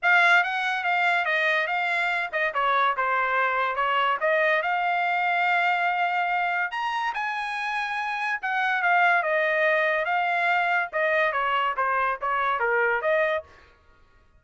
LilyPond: \new Staff \with { instrumentName = "trumpet" } { \time 4/4 \tempo 4 = 143 f''4 fis''4 f''4 dis''4 | f''4. dis''8 cis''4 c''4~ | c''4 cis''4 dis''4 f''4~ | f''1 |
ais''4 gis''2. | fis''4 f''4 dis''2 | f''2 dis''4 cis''4 | c''4 cis''4 ais'4 dis''4 | }